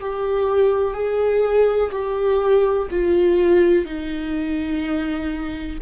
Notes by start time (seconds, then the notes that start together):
0.00 G4
0.94 G#4
1.91 G4
2.90 F4
3.85 D#4